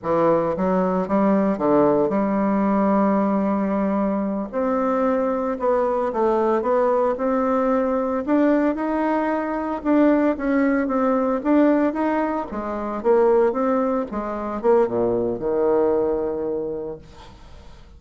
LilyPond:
\new Staff \with { instrumentName = "bassoon" } { \time 4/4 \tempo 4 = 113 e4 fis4 g4 d4 | g1~ | g8 c'2 b4 a8~ | a8 b4 c'2 d'8~ |
d'8 dis'2 d'4 cis'8~ | cis'8 c'4 d'4 dis'4 gis8~ | gis8 ais4 c'4 gis4 ais8 | ais,4 dis2. | }